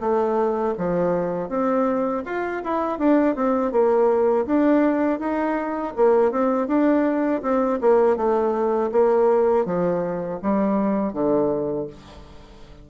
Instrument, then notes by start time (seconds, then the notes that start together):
bassoon
0.00 A3
0.77 F3
1.49 C4
2.25 F4
2.64 E4
2.98 D4
3.35 C4
3.72 A#3
4.46 D4
5.19 D#4
5.96 A#3
6.31 C4
6.67 D4
7.42 C4
7.80 A#3
8.16 A3
8.92 A#3
9.65 F3
10.42 G3
11.13 D3